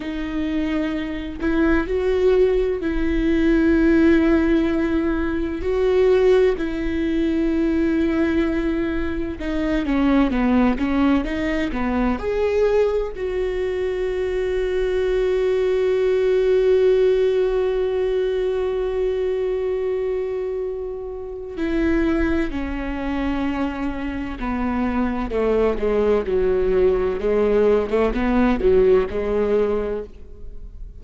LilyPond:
\new Staff \with { instrumentName = "viola" } { \time 4/4 \tempo 4 = 64 dis'4. e'8 fis'4 e'4~ | e'2 fis'4 e'4~ | e'2 dis'8 cis'8 b8 cis'8 | dis'8 b8 gis'4 fis'2~ |
fis'1~ | fis'2. e'4 | cis'2 b4 a8 gis8 | fis4 gis8. a16 b8 fis8 gis4 | }